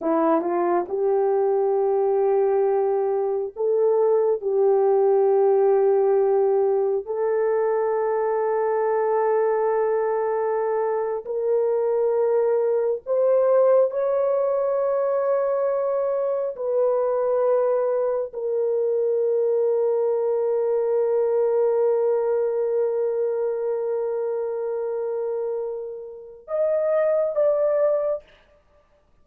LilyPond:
\new Staff \with { instrumentName = "horn" } { \time 4/4 \tempo 4 = 68 e'8 f'8 g'2. | a'4 g'2. | a'1~ | a'8. ais'2 c''4 cis''16~ |
cis''2~ cis''8. b'4~ b'16~ | b'8. ais'2.~ ais'16~ | ais'1~ | ais'2 dis''4 d''4 | }